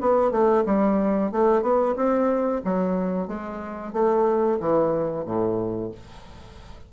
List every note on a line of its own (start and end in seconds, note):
0.00 0.31 B3
0.31 0.64 A3
0.65 1.31 G3
1.31 1.62 A3
1.62 1.95 B3
1.95 2.61 C4
2.64 3.27 F#3
3.27 3.93 G#3
3.93 4.59 A3
4.60 5.25 E3
5.25 5.91 A2